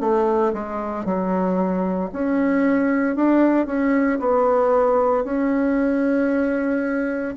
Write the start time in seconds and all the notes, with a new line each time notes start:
0.00 A3
0.54 G#3
1.05 F#3
2.12 C#4
3.16 D4
3.67 C#4
4.20 B3
5.24 C#4